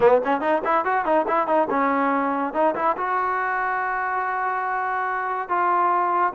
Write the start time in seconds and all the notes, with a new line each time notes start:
0.00 B3
0.24 C#4
0.40 D#4
0.64 E4
0.84 F#4
1.05 D#4
1.27 E4
1.47 D#4
1.70 C#4
2.53 D#4
2.75 E4
2.97 F#4
5.48 F4